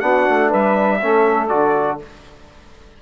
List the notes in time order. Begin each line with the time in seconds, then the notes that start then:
0.00 B3 D4 F#4 F#5
0.29 A3
0.48 G3 B4 E5
1.01 A3 C#4 A4
1.48 D3 F#4 D5